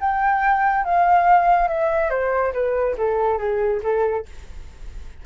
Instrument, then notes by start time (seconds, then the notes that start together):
flute
0.00 G5
0.84 F5
1.68 E5
2.10 C5
2.53 B4
2.97 A4
3.38 G#4
3.83 A4